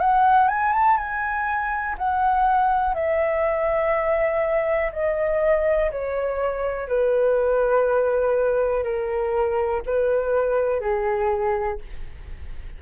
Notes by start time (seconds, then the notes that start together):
0.00 F#5
0.48 G#5
0.73 A5
0.98 G#5
1.99 F#5
2.95 E5
4.93 D#5
5.92 C#5
6.89 B4
8.84 A#4
9.86 B4
10.81 G#4